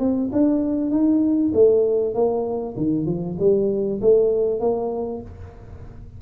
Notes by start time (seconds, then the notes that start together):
0.00 C4
0.33 D4
0.91 D#4
1.55 A3
2.15 A#3
2.77 D#3
3.06 F3
3.40 G3
4.02 A3
4.61 A#3